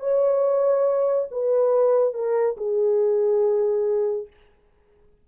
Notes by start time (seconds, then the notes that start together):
0.00 C#5
1.31 B4
2.14 A#4
2.57 G#4